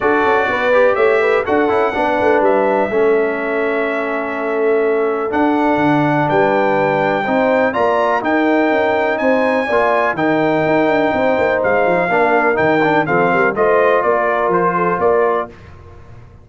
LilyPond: <<
  \new Staff \with { instrumentName = "trumpet" } { \time 4/4 \tempo 4 = 124 d''2 e''4 fis''4~ | fis''4 e''2.~ | e''2. fis''4~ | fis''4 g''2. |
ais''4 g''2 gis''4~ | gis''4 g''2. | f''2 g''4 f''4 | dis''4 d''4 c''4 d''4 | }
  \new Staff \with { instrumentName = "horn" } { \time 4/4 a'4 b'4 cis''8 b'8 a'4 | b'2 a'2~ | a'1~ | a'4 b'2 c''4 |
d''4 ais'2 c''4 | d''4 ais'2 c''4~ | c''4 ais'2 a'8 ais'8 | c''4 ais'4. a'8 ais'4 | }
  \new Staff \with { instrumentName = "trombone" } { \time 4/4 fis'4. g'4. fis'8 e'8 | d'2 cis'2~ | cis'2. d'4~ | d'2. dis'4 |
f'4 dis'2. | f'4 dis'2.~ | dis'4 d'4 dis'8 d'8 c'4 | f'1 | }
  \new Staff \with { instrumentName = "tuba" } { \time 4/4 d'8 cis'8 b4 a4 d'8 cis'8 | b8 a8 g4 a2~ | a2. d'4 | d4 g2 c'4 |
ais4 dis'4 cis'4 c'4 | ais4 dis4 dis'8 d'8 c'8 ais8 | gis8 f8 ais4 dis4 f8 g8 | a4 ais4 f4 ais4 | }
>>